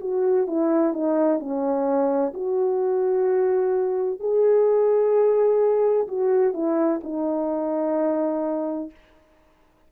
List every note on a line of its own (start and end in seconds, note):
0.00 0.47 F#4
0.47 0.93 E4
0.93 1.39 D#4
1.39 2.33 C#4
2.34 4.20 F#4
4.20 6.07 G#4
6.08 6.53 F#4
6.53 7.00 E4
7.03 8.91 D#4